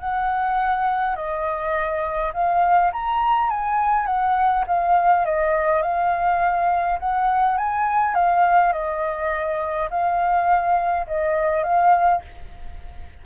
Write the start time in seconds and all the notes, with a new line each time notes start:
0.00 F#5
1.16 D#5
2.33 F5
2.93 A#5
3.50 G#5
4.06 F#5
4.67 F5
5.26 D#5
5.83 F5
6.99 F#5
7.58 G#5
8.15 F5
8.72 D#5
9.90 F5
11.07 D#5
11.64 F5